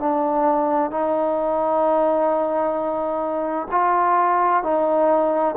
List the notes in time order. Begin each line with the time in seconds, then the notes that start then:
0.00 D4
0.91 D#4
3.72 F4
4.64 D#4